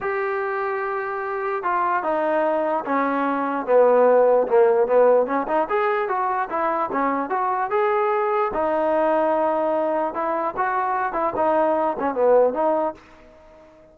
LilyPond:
\new Staff \with { instrumentName = "trombone" } { \time 4/4 \tempo 4 = 148 g'1 | f'4 dis'2 cis'4~ | cis'4 b2 ais4 | b4 cis'8 dis'8 gis'4 fis'4 |
e'4 cis'4 fis'4 gis'4~ | gis'4 dis'2.~ | dis'4 e'4 fis'4. e'8 | dis'4. cis'8 b4 dis'4 | }